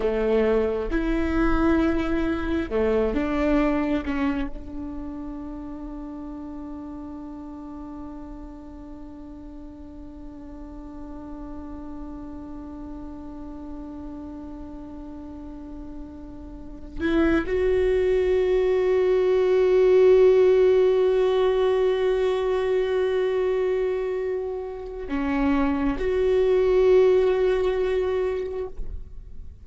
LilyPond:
\new Staff \with { instrumentName = "viola" } { \time 4/4 \tempo 4 = 67 a4 e'2 a8 d'8~ | d'8 cis'8 d'2.~ | d'1~ | d'1~ |
d'2. e'8 fis'8~ | fis'1~ | fis'1 | cis'4 fis'2. | }